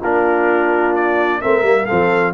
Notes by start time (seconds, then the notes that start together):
0.00 A#3 D4 F4 A#4
0.95 D5
1.41 A3 C4 A#4 E5
1.62 G3 A#3
1.85 F3 C4 A4 F5